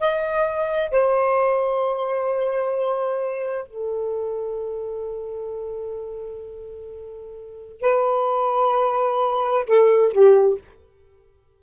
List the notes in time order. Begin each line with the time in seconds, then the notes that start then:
0.00 D#5
0.92 C5
3.68 A4
7.81 B4
9.66 A4
10.12 G4